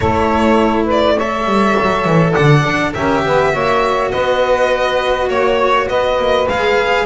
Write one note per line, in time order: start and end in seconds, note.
0.00 1.45 A3
0.00 1.16 E4
0.00 0.84 A4
0.00 0.86 C#5
0.84 1.14 B4
0.84 1.19 D5
1.16 2.94 A4
1.16 2.33 C#5
1.16 2.33 E5
1.45 1.74 G3
1.81 2.05 F#3
2.05 2.34 E3
2.33 2.64 D3
2.33 2.92 D5
2.33 2.92 F#5
2.64 2.94 D4
2.94 3.25 C#4
2.94 3.52 G4
2.94 3.23 A#4
2.94 4.11 E5
3.25 3.54 B3
3.25 3.52 B4
3.52 4.13 A#3
3.52 6.46 F#4
3.52 4.11 C#5
4.11 5.29 B3
4.11 5.29 B4
4.11 5.29 D#5
5.29 5.87 A#3
5.29 5.87 C#5
5.29 5.88 C#5
5.88 6.18 B3
5.88 7.06 B4
5.88 6.47 D#5
6.18 6.47 A#3
6.47 7.06 G#3
6.47 7.06 G#4
6.47 7.06 F5